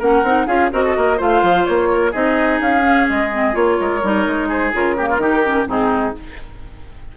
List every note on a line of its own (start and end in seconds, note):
0.00 0.24 A#3
0.00 0.25 C#4
0.00 0.47 A#4
0.00 0.47 F#5
0.24 0.47 C4
0.24 0.48 D#4
0.47 0.71 C#4
0.47 0.72 F4
0.47 0.71 G#4
0.47 0.71 F5
0.72 0.97 C4
0.72 1.18 F#4
0.72 0.85 A#4
0.72 1.21 D#5
0.85 0.97 A4
0.97 1.21 A#3
0.97 1.18 A#4
1.18 1.43 A3
1.18 2.13 F4
1.18 1.88 C5
1.18 1.66 F5
1.43 1.66 F3
1.66 2.15 A#3
1.66 2.13 C#5
1.93 2.12 A#4
2.12 2.61 C4
2.12 2.81 D#4
2.12 3.77 G#4
2.12 2.61 D#5
2.61 3.08 C#4
2.61 3.09 F5
2.81 3.29 C#4
3.10 3.55 G#3
3.10 3.55 D#5
3.33 3.53 C4
3.53 3.79 A#3
3.53 4.01 F4
3.53 4.50 C#5
3.81 4.03 G#3
3.81 4.49 A#4
4.03 4.27 G3
4.03 4.74 D#4
4.27 4.74 G#3
4.49 4.96 G#4
4.49 4.74 C5
4.74 5.18 C#3
4.74 4.97 F4
4.74 5.69 A#4
4.97 5.20 A#3
4.97 5.09 G4
5.09 5.21 F4
5.18 5.66 D#3
5.18 5.44 D#4
5.18 5.69 G4
5.44 5.67 C#4
5.67 6.15 G#2
5.67 6.14 C4
5.67 6.16 D#4
5.67 6.17 G#4